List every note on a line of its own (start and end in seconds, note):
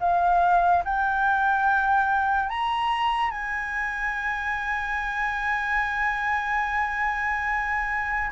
0.00 0.83 F5
0.84 2.49 G5
2.49 3.31 A#5
3.31 8.31 G#5